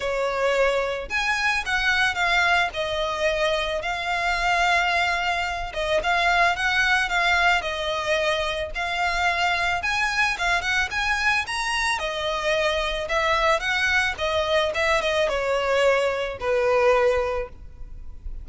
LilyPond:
\new Staff \with { instrumentName = "violin" } { \time 4/4 \tempo 4 = 110 cis''2 gis''4 fis''4 | f''4 dis''2 f''4~ | f''2~ f''8 dis''8 f''4 | fis''4 f''4 dis''2 |
f''2 gis''4 f''8 fis''8 | gis''4 ais''4 dis''2 | e''4 fis''4 dis''4 e''8 dis''8 | cis''2 b'2 | }